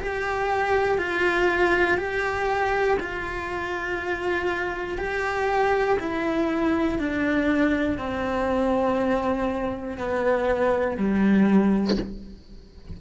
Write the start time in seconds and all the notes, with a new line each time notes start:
0.00 G4
0.99 F4
1.98 G4
3.00 F4
4.99 G4
5.99 E4
6.99 D4
7.98 C4
9.98 B3
10.97 G3